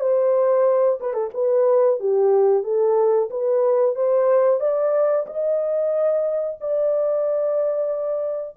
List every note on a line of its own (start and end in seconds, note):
0.00 0.99 C5
1.00 1.13 B4
1.13 1.30 A4
1.34 2.00 B4
2.00 2.63 G4
2.63 3.29 A4
3.30 3.95 B4
3.95 4.60 C5
4.60 5.26 D5
5.27 6.58 D#5
6.60 8.57 D5